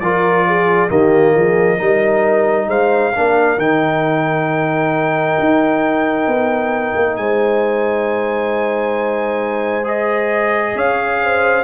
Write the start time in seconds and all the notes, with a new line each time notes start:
0.00 F3 F4 A#4 D5
0.47 G#4
0.89 D#3 A#3 G4 D#5
1.34 F3 G#4
1.76 G3 D#4 A#4
2.68 G#3 C5 F5
3.13 A#3 D4 A#4
3.58 D#3 D#4 G5
5.39 D#4
6.27 B3
6.96 A#3
7.17 G#3 C5 G#5
9.84 G#4 D#5
10.75 C#4 C#5 F5
11.23 C5